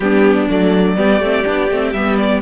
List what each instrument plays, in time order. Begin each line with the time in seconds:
0.00 cello G3, viola B3, violin D4 G4
0.49 cello F#3, viola A3, violin D5
0.96 cello G3, viola B3, violin G4
1.19 cello A3, viola C4
1.45 cello B3, viola D4
1.71 cello A3, viola C4
1.92 cello G3, viola B3, violin E5
2.17 violin D5